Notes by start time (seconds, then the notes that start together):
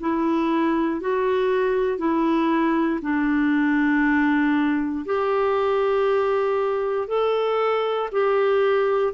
0.00 E4
1.00 F#4
1.98 E4
3.01 D4
5.05 G4
7.07 A4
8.11 G4